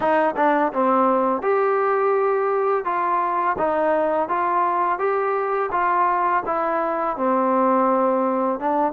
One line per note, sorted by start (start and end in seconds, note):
0.00 0.34 D#4
0.36 0.72 D4
0.73 1.42 C4
1.42 2.84 G4
2.84 3.56 F4
3.57 4.28 D#4
4.28 4.98 F4
4.98 5.69 G4
5.71 6.43 F4
6.45 7.17 E4
7.17 8.59 C4
8.59 8.92 D4